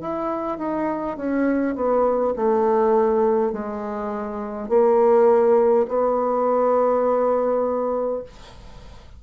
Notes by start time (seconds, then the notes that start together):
0.00 E4
0.58 D#4
1.17 C#4
1.75 B3
2.36 A3
3.52 G#3
4.68 A#3
5.88 B3